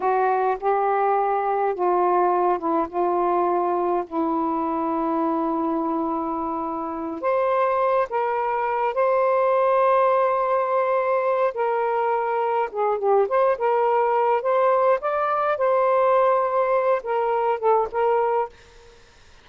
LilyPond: \new Staff \with { instrumentName = "saxophone" } { \time 4/4 \tempo 4 = 104 fis'4 g'2 f'4~ | f'8 e'8 f'2 e'4~ | e'1~ | e'8 c''4. ais'4. c''8~ |
c''1 | ais'2 gis'8 g'8 c''8 ais'8~ | ais'4 c''4 d''4 c''4~ | c''4. ais'4 a'8 ais'4 | }